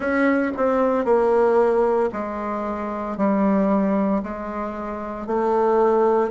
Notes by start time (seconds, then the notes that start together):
0.00 C#4
0.56 C4
1.04 A#3
2.12 G#3
3.17 G3
4.22 G#3
5.26 A3